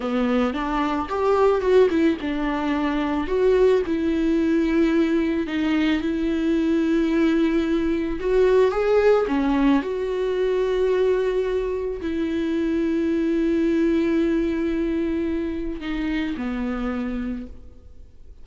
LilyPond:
\new Staff \with { instrumentName = "viola" } { \time 4/4 \tempo 4 = 110 b4 d'4 g'4 fis'8 e'8 | d'2 fis'4 e'4~ | e'2 dis'4 e'4~ | e'2. fis'4 |
gis'4 cis'4 fis'2~ | fis'2 e'2~ | e'1~ | e'4 dis'4 b2 | }